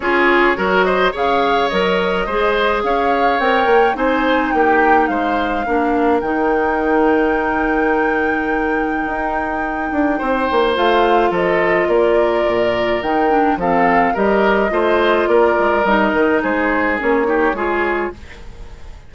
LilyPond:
<<
  \new Staff \with { instrumentName = "flute" } { \time 4/4 \tempo 4 = 106 cis''4. dis''8 f''4 dis''4~ | dis''4 f''4 g''4 gis''4 | g''4 f''2 g''4~ | g''1~ |
g''2. f''4 | dis''4 d''2 g''4 | f''4 dis''2 d''4 | dis''4 c''4 cis''2 | }
  \new Staff \with { instrumentName = "oboe" } { \time 4/4 gis'4 ais'8 c''8 cis''2 | c''4 cis''2 c''4 | g'4 c''4 ais'2~ | ais'1~ |
ais'2 c''2 | a'4 ais'2. | a'4 ais'4 c''4 ais'4~ | ais'4 gis'4. g'8 gis'4 | }
  \new Staff \with { instrumentName = "clarinet" } { \time 4/4 f'4 fis'4 gis'4 ais'4 | gis'2 ais'4 dis'4~ | dis'2 d'4 dis'4~ | dis'1~ |
dis'2. f'4~ | f'2. dis'8 d'8 | c'4 g'4 f'2 | dis'2 cis'8 dis'8 f'4 | }
  \new Staff \with { instrumentName = "bassoon" } { \time 4/4 cis'4 fis4 cis4 fis4 | gis4 cis'4 c'8 ais8 c'4 | ais4 gis4 ais4 dis4~ | dis1 |
dis'4. d'8 c'8 ais8 a4 | f4 ais4 ais,4 dis4 | f4 g4 a4 ais8 gis8 | g8 dis8 gis4 ais4 gis4 | }
>>